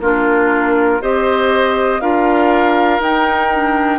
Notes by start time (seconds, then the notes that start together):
0.00 A#3 D4 F4 A#4
1.01 C4 G4 C5 D#5
2.01 D4 F4 A#4 F5
3.00 D#4 G5
3.53 D4